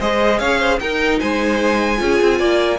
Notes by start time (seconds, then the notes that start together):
0.00 G#3 G#4 C5 D#5
0.39 C#4 C#5 F5
0.60 C5
0.80 D#4 A#4 G5
1.20 G#3 C5 G#5
1.97 C#4 F4 G#4
2.22 C4
2.39 A#3 D5